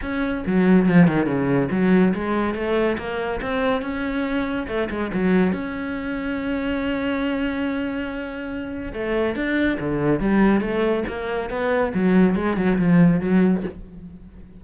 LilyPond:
\new Staff \with { instrumentName = "cello" } { \time 4/4 \tempo 4 = 141 cis'4 fis4 f8 dis8 cis4 | fis4 gis4 a4 ais4 | c'4 cis'2 a8 gis8 | fis4 cis'2.~ |
cis'1~ | cis'4 a4 d'4 d4 | g4 a4 ais4 b4 | fis4 gis8 fis8 f4 fis4 | }